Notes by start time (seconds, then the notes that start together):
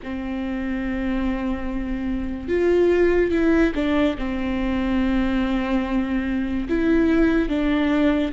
0.03 C4
2.48 F4
3.31 E4
3.74 D4
4.18 C4
6.69 E4
7.48 D4